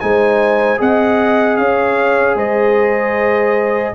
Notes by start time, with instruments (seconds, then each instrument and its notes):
0.00 tuba G#3, trombone D#4, horn C5, trumpet G#5
0.77 tuba C4, trombone G#4, horn D#5, trumpet F#5
1.57 tuba C#4, horn C#5, trumpet F5
2.35 tuba G#3, horn C5, trumpet D#5